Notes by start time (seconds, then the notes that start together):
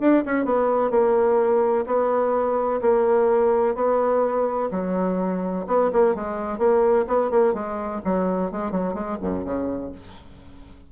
0.00 D4
0.25 C#4
0.44 B3
0.90 A#3
1.86 B3
2.81 A#3
3.75 B3
4.71 F#3
5.66 B3
5.92 A#3
6.15 G#3
6.58 A#3
7.07 B3
7.30 A#3
7.53 G#3
8.04 F#3
8.51 G#3
8.71 F#3
8.93 G#3
9.21 F#2
9.44 C#3